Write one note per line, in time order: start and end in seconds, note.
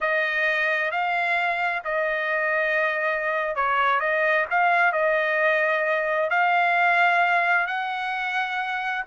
0.00 0.91 D#5
0.91 1.83 F5
1.84 3.55 D#5
3.55 4.00 C#5
4.00 4.45 D#5
4.50 4.92 F5
4.92 6.30 D#5
6.30 7.67 F5
7.67 9.04 F#5